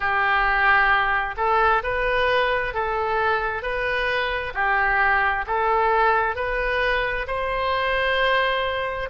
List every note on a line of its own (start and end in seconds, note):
0.00 1.35 G4
1.36 1.82 A4
1.83 2.74 B4
2.74 3.62 A4
3.62 4.53 B4
4.54 5.45 G4
5.46 6.35 A4
6.35 7.26 B4
7.27 9.09 C5